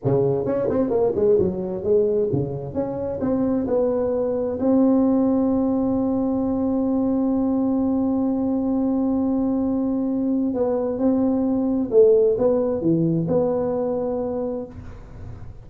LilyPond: \new Staff \with { instrumentName = "tuba" } { \time 4/4 \tempo 4 = 131 cis4 cis'8 c'8 ais8 gis8 fis4 | gis4 cis4 cis'4 c'4 | b2 c'2~ | c'1~ |
c'1~ | c'2. b4 | c'2 a4 b4 | e4 b2. | }